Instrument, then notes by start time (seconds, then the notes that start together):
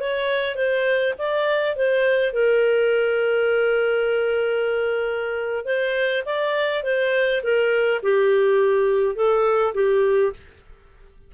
clarinet
0.00 C#5
0.55 C5
1.18 D5
1.76 C5
2.33 A#4
5.65 C5
6.25 D5
6.83 C5
7.43 A#4
8.03 G4
9.15 A4
9.74 G4